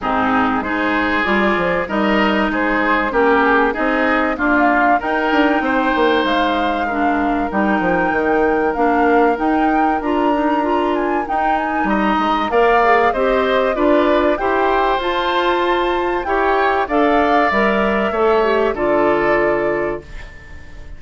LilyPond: <<
  \new Staff \with { instrumentName = "flute" } { \time 4/4 \tempo 4 = 96 gis'4 c''4 d''4 dis''4 | c''4 ais'8 gis'8 dis''4 f''4 | g''2 f''2 | g''2 f''4 g''4 |
ais''4. gis''8 g''8 gis''8 ais''4 | f''4 dis''4 d''4 g''4 | a''2 g''4 f''4 | e''2 d''2 | }
  \new Staff \with { instrumentName = "oboe" } { \time 4/4 dis'4 gis'2 ais'4 | gis'4 g'4 gis'4 f'4 | ais'4 c''2 ais'4~ | ais'1~ |
ais'2. dis''4 | d''4 c''4 b'4 c''4~ | c''2 cis''4 d''4~ | d''4 cis''4 a'2 | }
  \new Staff \with { instrumentName = "clarinet" } { \time 4/4 c'4 dis'4 f'4 dis'4~ | dis'4 cis'4 dis'4 ais4 | dis'2. d'4 | dis'2 d'4 dis'4 |
f'8 dis'8 f'4 dis'2 | ais'8 gis'8 g'4 f'4 g'4 | f'2 g'4 a'4 | ais'4 a'8 g'8 f'2 | }
  \new Staff \with { instrumentName = "bassoon" } { \time 4/4 gis,4 gis4 g8 f8 g4 | gis4 ais4 c'4 d'4 | dis'8 d'8 c'8 ais8 gis2 | g8 f8 dis4 ais4 dis'4 |
d'2 dis'4 g8 gis8 | ais4 c'4 d'4 e'4 | f'2 e'4 d'4 | g4 a4 d2 | }
>>